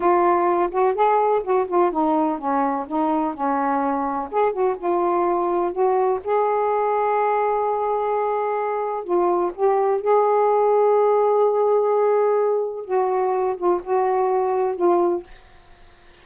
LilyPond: \new Staff \with { instrumentName = "saxophone" } { \time 4/4 \tempo 4 = 126 f'4. fis'8 gis'4 fis'8 f'8 | dis'4 cis'4 dis'4 cis'4~ | cis'4 gis'8 fis'8 f'2 | fis'4 gis'2.~ |
gis'2. f'4 | g'4 gis'2.~ | gis'2. fis'4~ | fis'8 f'8 fis'2 f'4 | }